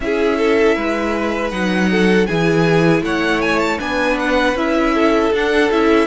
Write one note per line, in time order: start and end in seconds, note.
0.00 0.76 C#4
0.00 1.51 E4
0.00 0.37 G#4
0.00 1.50 E5
0.37 0.75 A4
0.75 1.51 G#3
0.75 1.89 B4
1.50 2.27 F#3
1.50 2.27 D#4
1.50 2.26 F#5
1.91 2.27 A4
2.26 3.02 E3
2.26 3.79 E4
2.26 3.03 G#4
2.26 3.02 G#5
3.02 3.78 A3
3.02 3.80 C#5
3.02 3.41 F#5
3.41 3.59 G#5
3.59 3.78 A5
3.79 4.53 B3
3.79 4.55 D4
3.79 4.94 B4
3.79 4.18 G#5
4.19 4.57 F#5
4.53 5.29 C#4
4.53 5.32 E4
4.53 5.33 E5
4.94 6.07 A4
5.32 5.70 D4
5.32 5.71 F#5
5.71 6.07 C#4
5.71 6.07 E4
5.71 6.07 E5